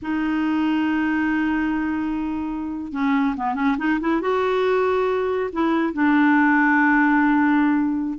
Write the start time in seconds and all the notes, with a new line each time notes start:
0.02 D#4
2.92 C#4
3.36 B3
3.54 C#4
3.78 D#4
4.00 E4
4.21 F#4
5.52 E4
5.93 D4